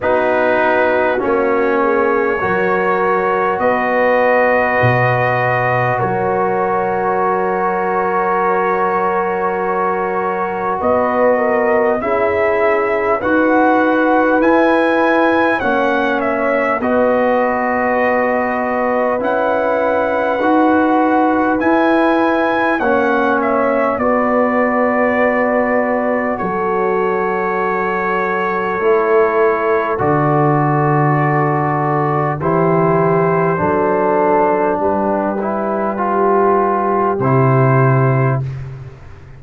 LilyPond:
<<
  \new Staff \with { instrumentName = "trumpet" } { \time 4/4 \tempo 4 = 50 b'4 cis''2 dis''4~ | dis''4 cis''2.~ | cis''4 dis''4 e''4 fis''4 | gis''4 fis''8 e''8 dis''2 |
fis''2 gis''4 fis''8 e''8 | d''2 cis''2~ | cis''4 d''2 c''4~ | c''4 b'2 c''4 | }
  \new Staff \with { instrumentName = "horn" } { \time 4/4 fis'4. gis'8 ais'4 b'4~ | b'4 ais'2.~ | ais'4 b'8 ais'8 gis'4 b'4~ | b'4 cis''4 b'2~ |
b'2. cis''4 | b'2 a'2~ | a'2. g'4 | a'4 g'2. | }
  \new Staff \with { instrumentName = "trombone" } { \time 4/4 dis'4 cis'4 fis'2~ | fis'1~ | fis'2 e'4 fis'4 | e'4 cis'4 fis'2 |
e'4 fis'4 e'4 cis'4 | fis'1 | e'4 fis'2 e'4 | d'4. e'8 f'4 e'4 | }
  \new Staff \with { instrumentName = "tuba" } { \time 4/4 b4 ais4 fis4 b4 | b,4 fis2.~ | fis4 b4 cis'4 dis'4 | e'4 ais4 b2 |
cis'4 dis'4 e'4 ais4 | b2 fis2 | a4 d2 e4 | fis4 g2 c4 | }
>>